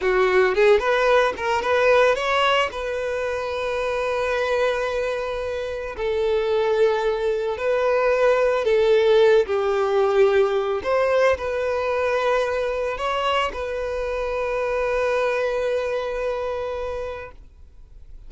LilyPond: \new Staff \with { instrumentName = "violin" } { \time 4/4 \tempo 4 = 111 fis'4 gis'8 b'4 ais'8 b'4 | cis''4 b'2.~ | b'2. a'4~ | a'2 b'2 |
a'4. g'2~ g'8 | c''4 b'2. | cis''4 b'2.~ | b'1 | }